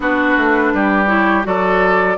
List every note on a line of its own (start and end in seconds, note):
0.00 0.35 B3
0.00 1.07 D4
0.00 0.73 F#4
0.00 1.08 B4
0.37 0.73 A3
0.73 1.45 G3
0.73 1.47 G4
1.07 1.43 E4
1.07 1.44 C#5
1.43 2.17 F#3
1.43 2.16 F#4
1.43 2.17 A4
1.43 2.17 D5